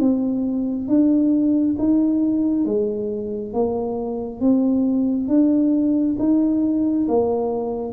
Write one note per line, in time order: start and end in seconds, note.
0.00 0.88 C4
0.88 1.76 D4
1.79 2.66 D#4
2.66 3.54 G#3
3.54 4.41 A#3
4.41 5.29 C4
5.29 6.17 D4
6.19 7.07 D#4
7.08 7.93 A#3